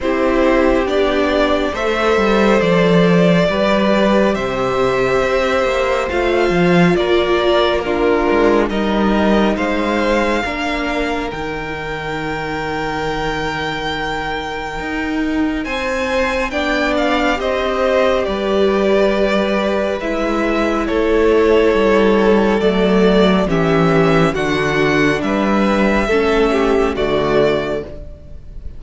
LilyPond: <<
  \new Staff \with { instrumentName = "violin" } { \time 4/4 \tempo 4 = 69 c''4 d''4 e''4 d''4~ | d''4 e''2 f''4 | d''4 ais'4 dis''4 f''4~ | f''4 g''2.~ |
g''2 gis''4 g''8 f''8 | dis''4 d''2 e''4 | cis''2 d''4 e''4 | fis''4 e''2 d''4 | }
  \new Staff \with { instrumentName = "violin" } { \time 4/4 g'2 c''2 | b'4 c''2. | ais'4 f'4 ais'4 c''4 | ais'1~ |
ais'2 c''4 d''4 | c''4 b'2. | a'2. g'4 | fis'4 b'4 a'8 g'8 fis'4 | }
  \new Staff \with { instrumentName = "viola" } { \time 4/4 e'4 d'4 a'2 | g'2. f'4~ | f'4 d'4 dis'2 | d'4 dis'2.~ |
dis'2. d'4 | g'2. e'4~ | e'2 a4 cis'4 | d'2 cis'4 a4 | }
  \new Staff \with { instrumentName = "cello" } { \time 4/4 c'4 b4 a8 g8 f4 | g4 c4 c'8 ais8 a8 f8 | ais4. gis8 g4 gis4 | ais4 dis2.~ |
dis4 dis'4 c'4 b4 | c'4 g2 gis4 | a4 g4 fis4 e4 | d4 g4 a4 d4 | }
>>